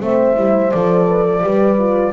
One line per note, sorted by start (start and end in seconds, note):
0.00 0.36 A3
0.00 0.34 C4
0.00 1.07 C5
0.00 0.71 E5
0.34 0.72 G3
0.34 0.70 E4
0.71 1.43 F3
0.71 1.41 A4
0.71 2.13 D5
1.07 1.24 B4
1.24 1.41 A4
1.41 2.13 G3
1.41 1.77 G4
1.41 2.13 B4
1.78 2.13 F4